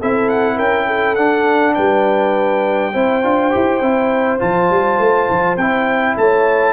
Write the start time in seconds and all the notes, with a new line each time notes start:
0.00 C4 E4 A4 E5
0.29 F#5
0.56 C#4 A#4 G5
0.87 A4
1.15 D4 F#5
1.75 G3 B4 G5
2.93 C4 E4 C5
3.23 D4 F4
3.51 E4 G4
3.81 C4 E4
4.39 F3 F4 A5
4.70 G3
4.99 A3
5.31 F3
5.57 C4 E4 G5
6.17 A3 C#5 A5